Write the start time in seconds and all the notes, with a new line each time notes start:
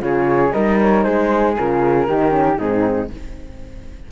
0.00 C#3 F4 G#4 C#5
0.53 G3 D#4 A#4 D#5
0.82 C#5
1.03 G#3 G#4 C5
1.58 C#3 F4 A#4
2.08 D#3 D#4 G4
2.30 C#4
2.59 G#2 C4 D#4 G#4